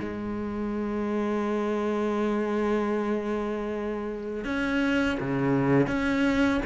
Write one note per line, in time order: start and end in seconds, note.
0.00 4.44 G#3
4.44 5.18 C#4
5.20 5.87 C#3
5.87 6.61 C#4